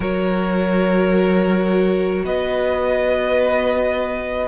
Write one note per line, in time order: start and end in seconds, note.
0.00 2.23 F#3
0.00 4.48 F#4
0.00 2.25 A#4
0.00 2.25 C#5
2.24 4.48 B3
2.24 4.48 B4
2.24 4.48 D#5